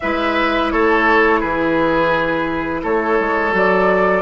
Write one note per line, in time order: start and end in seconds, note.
0.00 0.72 G#3
0.00 3.52 E4
0.00 0.72 B4
0.00 0.70 E5
0.70 1.42 A3
0.70 1.40 A4
0.70 1.40 C#5
1.40 2.83 E3
1.40 2.81 G#4
1.40 2.81 B4
2.82 3.18 A3
2.82 4.22 A4
2.82 3.55 C#5
3.20 3.53 G#3
3.52 4.22 F#3
3.52 4.22 F#4
3.52 4.22 D5